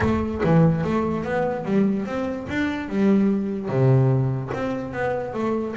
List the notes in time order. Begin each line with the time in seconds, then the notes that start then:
0.00 A3
0.44 E3
0.83 A3
1.24 B3
1.64 G3
2.05 C4
2.49 D4
2.88 G3
3.68 C3
4.53 C4
4.92 B3
5.33 A3